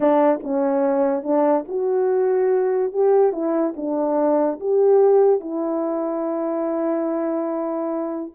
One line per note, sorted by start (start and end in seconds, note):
0.00 0.40 D4
0.43 1.23 C#4
1.23 1.65 D4
1.68 2.93 F#4
2.93 3.32 G4
3.32 3.74 E4
3.76 4.59 D4
4.60 5.40 G4
5.40 8.32 E4